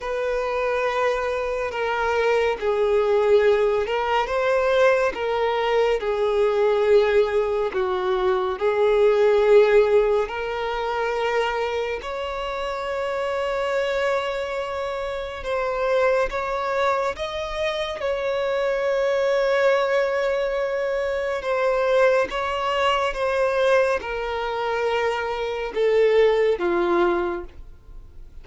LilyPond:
\new Staff \with { instrumentName = "violin" } { \time 4/4 \tempo 4 = 70 b'2 ais'4 gis'4~ | gis'8 ais'8 c''4 ais'4 gis'4~ | gis'4 fis'4 gis'2 | ais'2 cis''2~ |
cis''2 c''4 cis''4 | dis''4 cis''2.~ | cis''4 c''4 cis''4 c''4 | ais'2 a'4 f'4 | }